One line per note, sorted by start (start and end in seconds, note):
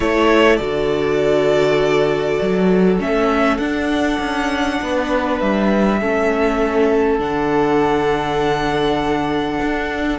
0.00 0.59 A3
0.00 0.59 E4
0.00 4.78 A4
0.00 0.56 C#5
0.56 2.40 D3
0.56 2.99 F#4
0.56 2.96 D5
2.41 2.99 F#3
2.99 3.58 A3
2.99 3.59 C#4
2.99 3.57 E5
3.57 4.18 D4
3.57 5.99 D4
3.57 5.37 F#5
4.20 4.80 C#4
4.82 5.41 B3
4.82 6.00 B4
5.40 6.01 G3
5.40 7.19 E5
6.00 7.19 A3
6.00 7.19 C#4
6.00 10.18 A4
7.19 9.59 D3
7.19 10.18 D4
7.19 10.18 F#5
9.61 10.18 D4